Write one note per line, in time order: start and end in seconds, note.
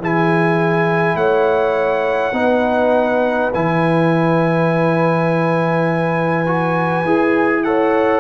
0.00 1.15 E3
0.00 2.33 E4
0.00 1.17 G#4
0.00 1.16 G#5
1.15 2.32 A3
1.15 2.34 C#5
1.15 3.52 F#5
2.32 3.50 B3
2.32 3.51 D#4
2.32 7.64 B4
3.54 7.04 E3
3.54 6.46 E4
3.54 7.64 G#5
6.46 7.05 F#4
7.04 8.20 E4
7.04 7.65 G#4
7.64 8.20 A4
7.64 8.20 C#5
7.64 8.20 F#5